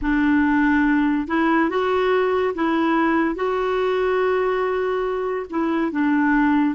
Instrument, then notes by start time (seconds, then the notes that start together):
clarinet
0.01 D4
1.27 E4
1.69 F#4
2.55 E4
3.35 F#4
5.50 E4
5.91 D4